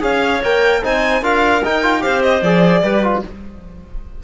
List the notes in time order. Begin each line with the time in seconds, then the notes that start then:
0.00 C#4 G#4 C#5 F5
0.43 A#3 A#4 G5
0.83 C4 D#4 C5 G#5
1.22 D4 F4 A#4 F5
1.64 D#4 G5
1.83 F4
2.00 G4 C5 F5
2.07 C4
2.22 D#5
2.42 F3 G#4 D5
2.82 G3 G4 B4
3.03 F4